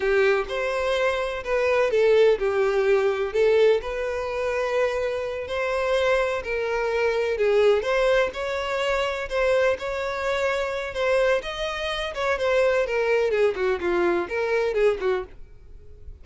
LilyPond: \new Staff \with { instrumentName = "violin" } { \time 4/4 \tempo 4 = 126 g'4 c''2 b'4 | a'4 g'2 a'4 | b'2.~ b'8 c''8~ | c''4. ais'2 gis'8~ |
gis'8 c''4 cis''2 c''8~ | c''8 cis''2~ cis''8 c''4 | dis''4. cis''8 c''4 ais'4 | gis'8 fis'8 f'4 ais'4 gis'8 fis'8 | }